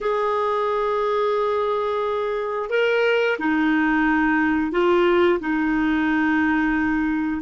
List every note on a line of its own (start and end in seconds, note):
0.00 2.69 G#4
2.69 3.37 A#4
3.39 4.71 D#4
4.71 5.39 F4
5.40 7.41 D#4